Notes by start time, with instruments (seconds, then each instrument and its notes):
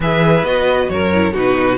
0.00 cello E3, viola G#4, violin B4 E5
0.43 cello B3, viola F#4, violin D#5
0.89 cello F#2, violin A#4 C#5
1.13 viola E4
1.33 cello B2, viola D#4, violin F#4 B4